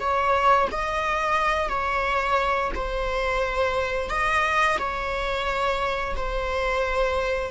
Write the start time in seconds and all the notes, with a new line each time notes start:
0.00 C#5
0.72 D#5
1.69 C#5
2.75 C5
4.10 D#5
4.79 C#5
6.16 C5